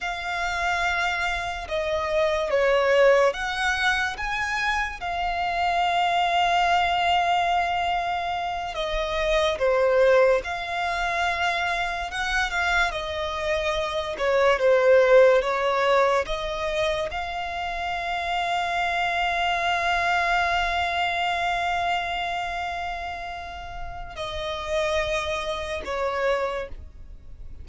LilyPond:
\new Staff \with { instrumentName = "violin" } { \time 4/4 \tempo 4 = 72 f''2 dis''4 cis''4 | fis''4 gis''4 f''2~ | f''2~ f''8 dis''4 c''8~ | c''8 f''2 fis''8 f''8 dis''8~ |
dis''4 cis''8 c''4 cis''4 dis''8~ | dis''8 f''2.~ f''8~ | f''1~ | f''4 dis''2 cis''4 | }